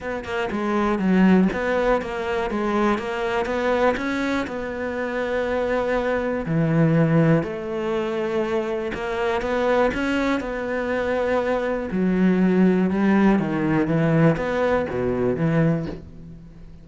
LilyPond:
\new Staff \with { instrumentName = "cello" } { \time 4/4 \tempo 4 = 121 b8 ais8 gis4 fis4 b4 | ais4 gis4 ais4 b4 | cis'4 b2.~ | b4 e2 a4~ |
a2 ais4 b4 | cis'4 b2. | fis2 g4 dis4 | e4 b4 b,4 e4 | }